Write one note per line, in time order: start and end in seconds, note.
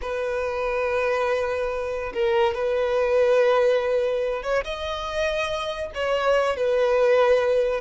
0.01 2.13 B4
2.13 2.54 A#4
2.54 4.43 B4
4.43 4.64 C#5
4.64 5.91 D#5
5.94 6.56 C#5
6.56 7.80 B4